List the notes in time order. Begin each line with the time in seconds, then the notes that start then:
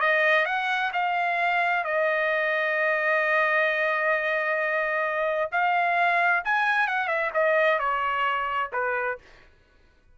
0.00 D#5
0.45 F#5
0.93 F5
1.84 D#5
5.51 F5
6.44 G#5
6.87 F#5
7.07 E5
7.33 D#5
7.78 C#5
8.72 B4